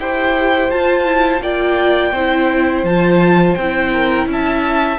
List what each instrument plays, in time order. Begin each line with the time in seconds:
0.00 cello E4, viola G4, violin C5 G5
0.71 viola F4, cello F4, violin A5
1.06 viola E4
1.41 cello A#3, viola F4, violin D5 G5
2.12 cello C4, viola E4, violin C5
2.84 cello F3, viola F4, violin A5
3.55 cello C4, violin G5
3.62 viola E4
3.93 violin A#4
4.26 cello C#4, violin E5 A5